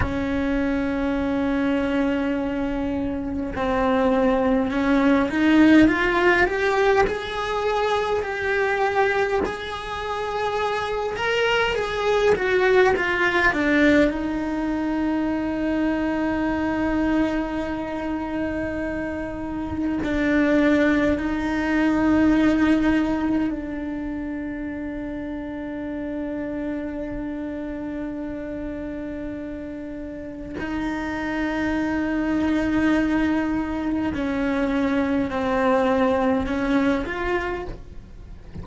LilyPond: \new Staff \with { instrumentName = "cello" } { \time 4/4 \tempo 4 = 51 cis'2. c'4 | cis'8 dis'8 f'8 g'8 gis'4 g'4 | gis'4. ais'8 gis'8 fis'8 f'8 d'8 | dis'1~ |
dis'4 d'4 dis'2 | d'1~ | d'2 dis'2~ | dis'4 cis'4 c'4 cis'8 f'8 | }